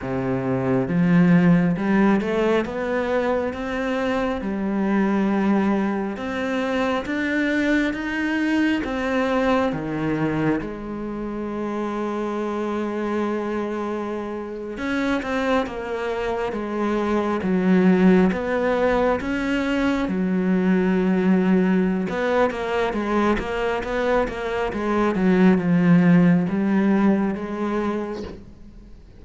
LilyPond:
\new Staff \with { instrumentName = "cello" } { \time 4/4 \tempo 4 = 68 c4 f4 g8 a8 b4 | c'4 g2 c'4 | d'4 dis'4 c'4 dis4 | gis1~ |
gis8. cis'8 c'8 ais4 gis4 fis16~ | fis8. b4 cis'4 fis4~ fis16~ | fis4 b8 ais8 gis8 ais8 b8 ais8 | gis8 fis8 f4 g4 gis4 | }